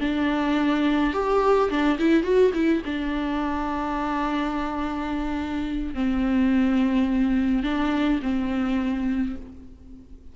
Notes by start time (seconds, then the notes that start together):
0.00 D4
1.13 G4
1.70 D4
1.99 E4
2.23 F#4
2.54 E4
2.85 D4
5.94 C4
7.63 D4
8.22 C4